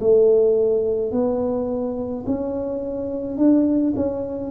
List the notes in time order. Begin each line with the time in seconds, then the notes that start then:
0.00 A3
1.12 B3
2.26 C#4
3.37 D4
3.96 C#4